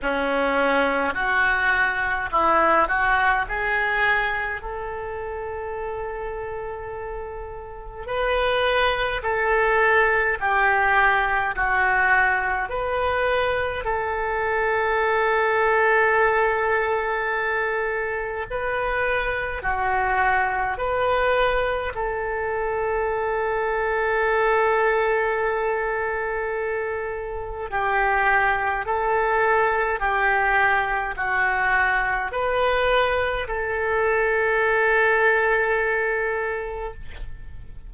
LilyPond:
\new Staff \with { instrumentName = "oboe" } { \time 4/4 \tempo 4 = 52 cis'4 fis'4 e'8 fis'8 gis'4 | a'2. b'4 | a'4 g'4 fis'4 b'4 | a'1 |
b'4 fis'4 b'4 a'4~ | a'1 | g'4 a'4 g'4 fis'4 | b'4 a'2. | }